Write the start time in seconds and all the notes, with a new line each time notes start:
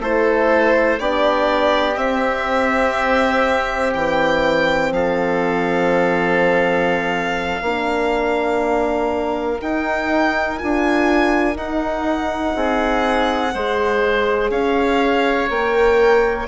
0.00 A3 E4 A4 C5
0.99 B3 D4 G4 D5
1.95 C4 E5
3.94 E3 G5
4.91 F3 A4 F5
7.61 A#3 D4 A#4
9.61 D#4 G5
10.58 D4 F4 G#5
11.53 D#4 F#5
12.55 C4 G#4
13.53 G#3 G#4 C5
14.50 C#4 C#5 F5
15.49 A#3 A#4 G5